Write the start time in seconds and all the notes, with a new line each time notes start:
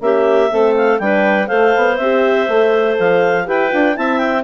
0.00 A#3 C#4 G4 E5
0.50 A3 C4 A4
0.76 F5
0.98 G3 D4 B4 G5
1.47 A3 A4 C5 F5
1.76 B3
1.96 C4 G4 E5
2.47 A3 A4
2.98 F3 F5
3.45 E4 G4 B4 G5
3.70 D4 F4
3.93 C4 E4 E5 A5
4.17 G5